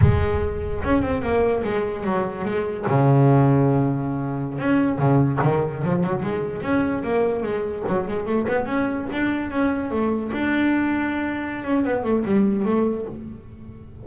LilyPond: \new Staff \with { instrumentName = "double bass" } { \time 4/4 \tempo 4 = 147 gis2 cis'8 c'8 ais4 | gis4 fis4 gis4 cis4~ | cis2.~ cis16 cis'8.~ | cis'16 cis4 dis4 f8 fis8 gis8.~ |
gis16 cis'4 ais4 gis4 fis8 gis16~ | gis16 a8 b8 cis'4 d'4 cis'8.~ | cis'16 a4 d'2~ d'8.~ | d'8 cis'8 b8 a8 g4 a4 | }